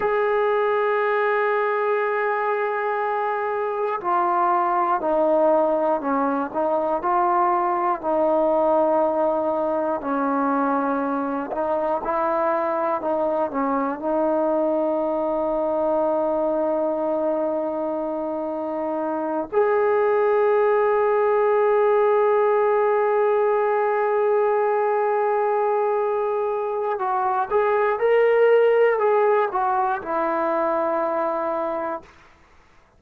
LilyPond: \new Staff \with { instrumentName = "trombone" } { \time 4/4 \tempo 4 = 60 gis'1 | f'4 dis'4 cis'8 dis'8 f'4 | dis'2 cis'4. dis'8 | e'4 dis'8 cis'8 dis'2~ |
dis'2.~ dis'8 gis'8~ | gis'1~ | gis'2. fis'8 gis'8 | ais'4 gis'8 fis'8 e'2 | }